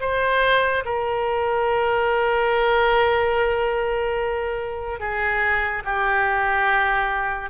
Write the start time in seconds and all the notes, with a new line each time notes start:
0.00 C5
0.84 A#4
4.99 G#4
5.84 G4